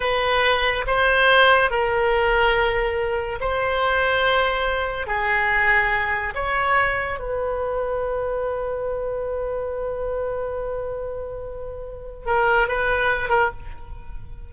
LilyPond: \new Staff \with { instrumentName = "oboe" } { \time 4/4 \tempo 4 = 142 b'2 c''2 | ais'1 | c''1 | gis'2. cis''4~ |
cis''4 b'2.~ | b'1~ | b'1~ | b'4 ais'4 b'4. ais'8 | }